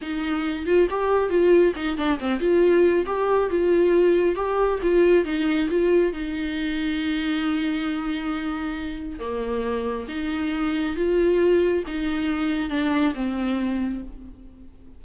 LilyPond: \new Staff \with { instrumentName = "viola" } { \time 4/4 \tempo 4 = 137 dis'4. f'8 g'4 f'4 | dis'8 d'8 c'8 f'4. g'4 | f'2 g'4 f'4 | dis'4 f'4 dis'2~ |
dis'1~ | dis'4 ais2 dis'4~ | dis'4 f'2 dis'4~ | dis'4 d'4 c'2 | }